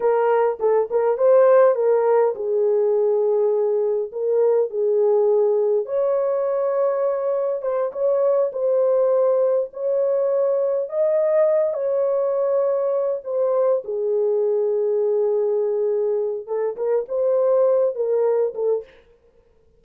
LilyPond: \new Staff \with { instrumentName = "horn" } { \time 4/4 \tempo 4 = 102 ais'4 a'8 ais'8 c''4 ais'4 | gis'2. ais'4 | gis'2 cis''2~ | cis''4 c''8 cis''4 c''4.~ |
c''8 cis''2 dis''4. | cis''2~ cis''8 c''4 gis'8~ | gis'1 | a'8 ais'8 c''4. ais'4 a'8 | }